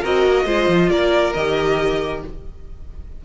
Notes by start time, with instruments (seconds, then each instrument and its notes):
0.00 cello C4, viola F#4, violin A#4 D#5
0.26 cello A#3
0.45 cello G#3, viola F4, violin C5
0.68 cello F3
0.89 cello A#3, violin A#4 D5
1.34 cello D#3, viola G4, violin D#5